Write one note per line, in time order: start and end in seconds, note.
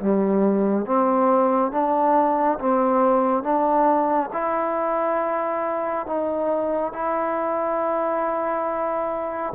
0.00 0.86 G3
0.86 1.72 C4
1.72 2.59 D4
2.59 3.44 C4
3.44 4.31 D4
4.33 6.07 E4
6.07 6.93 D#4
6.93 9.54 E4